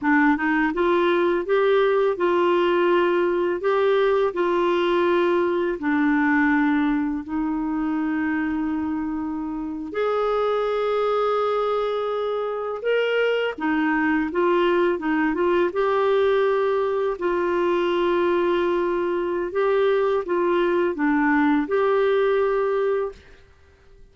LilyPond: \new Staff \with { instrumentName = "clarinet" } { \time 4/4 \tempo 4 = 83 d'8 dis'8 f'4 g'4 f'4~ | f'4 g'4 f'2 | d'2 dis'2~ | dis'4.~ dis'16 gis'2~ gis'16~ |
gis'4.~ gis'16 ais'4 dis'4 f'16~ | f'8. dis'8 f'8 g'2 f'16~ | f'2. g'4 | f'4 d'4 g'2 | }